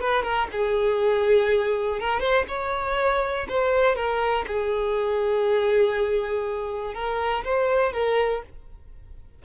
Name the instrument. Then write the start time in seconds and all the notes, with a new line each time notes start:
violin
0.00 B4
0.23 A#4
0.52 G#4
2.00 A#4
2.20 C5
2.48 C#5
3.48 C5
3.95 A#4
4.47 G#4
6.94 A#4
7.44 C5
7.92 A#4